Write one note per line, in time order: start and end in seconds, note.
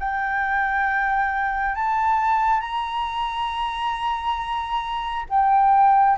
0.00 1.76 G5
1.76 2.61 A5
2.61 5.25 A#5
5.30 6.18 G5